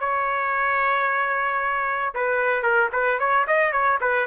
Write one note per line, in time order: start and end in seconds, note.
0.00 2.14 C#5
2.15 2.63 B4
2.63 2.90 A#4
2.92 3.19 B4
3.19 3.46 C#5
3.47 3.72 D#5
3.72 3.99 C#5
4.01 4.27 B4